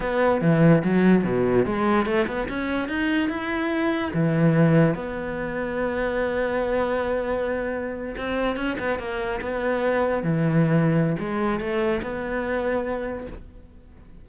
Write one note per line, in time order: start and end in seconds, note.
0.00 0.41 B3
0.41 0.82 E3
0.84 1.24 F#3
1.24 1.65 B2
1.65 2.05 G#3
2.05 2.26 A3
2.27 2.48 B3
2.48 2.88 C#4
2.88 3.29 D#4
3.29 4.11 E4
4.13 4.94 E3
4.94 8.15 B3
8.17 8.56 C4
8.56 8.76 C#4
8.79 8.98 B3
8.98 9.40 A#3
9.41 10.23 B3
10.23 11.16 E3
11.19 11.60 G#3
11.60 12.01 A3
12.02 13.26 B3